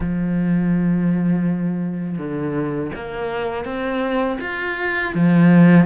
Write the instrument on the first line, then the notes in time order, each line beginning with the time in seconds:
cello
0.00 F3
2.18 D3
2.95 A#3
3.65 C4
4.40 F4
5.14 F3